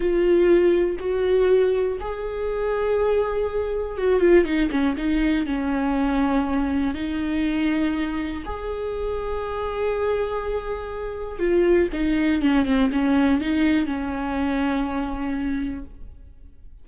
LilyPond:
\new Staff \with { instrumentName = "viola" } { \time 4/4 \tempo 4 = 121 f'2 fis'2 | gis'1 | fis'8 f'8 dis'8 cis'8 dis'4 cis'4~ | cis'2 dis'2~ |
dis'4 gis'2.~ | gis'2. f'4 | dis'4 cis'8 c'8 cis'4 dis'4 | cis'1 | }